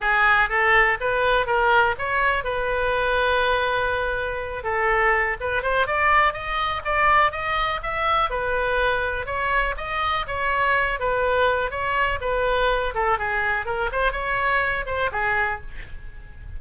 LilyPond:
\new Staff \with { instrumentName = "oboe" } { \time 4/4 \tempo 4 = 123 gis'4 a'4 b'4 ais'4 | cis''4 b'2.~ | b'4. a'4. b'8 c''8 | d''4 dis''4 d''4 dis''4 |
e''4 b'2 cis''4 | dis''4 cis''4. b'4. | cis''4 b'4. a'8 gis'4 | ais'8 c''8 cis''4. c''8 gis'4 | }